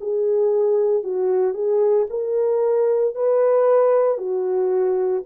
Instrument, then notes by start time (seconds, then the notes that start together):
horn
0.00 G#4
1.03 F#4
1.54 G#4
2.10 A#4
3.15 B4
4.18 F#4